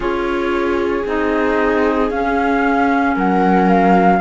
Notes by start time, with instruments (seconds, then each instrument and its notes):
0.00 cello C#4, clarinet F4, viola G#4, flute C#5
1.06 cello C4, clarinet D#4, flute D#5
2.10 cello C#4, clarinet C#4, flute F5
3.15 cello F#3, viola A#4, flute F#5
3.69 flute F5